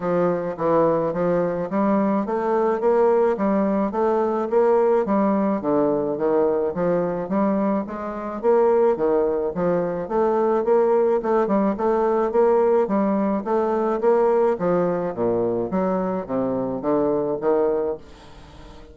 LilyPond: \new Staff \with { instrumentName = "bassoon" } { \time 4/4 \tempo 4 = 107 f4 e4 f4 g4 | a4 ais4 g4 a4 | ais4 g4 d4 dis4 | f4 g4 gis4 ais4 |
dis4 f4 a4 ais4 | a8 g8 a4 ais4 g4 | a4 ais4 f4 ais,4 | fis4 c4 d4 dis4 | }